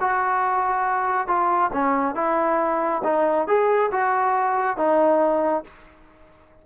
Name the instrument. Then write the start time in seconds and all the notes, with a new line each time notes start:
trombone
0.00 F#4
1.27 F4
1.73 C#4
2.15 E4
3.04 D#4
3.47 G#4
3.92 F#4
4.77 D#4